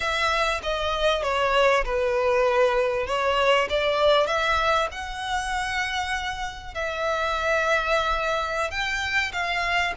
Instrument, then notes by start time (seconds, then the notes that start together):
violin
0.00 E5
0.63 D#5
1.22 C#5
1.84 B4
3.06 C#5
3.69 D5
4.27 E5
4.91 F#5
6.74 E5
8.70 G5
9.32 F5